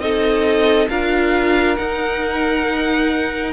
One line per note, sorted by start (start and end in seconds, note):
0.00 0.88 C4
0.00 0.90 D#4
0.00 0.91 A4
0.00 0.89 D#5
0.90 1.78 D4
0.90 1.78 F4
0.90 3.54 A#4
0.90 1.77 F5
1.77 3.54 D#4
1.77 3.53 F#5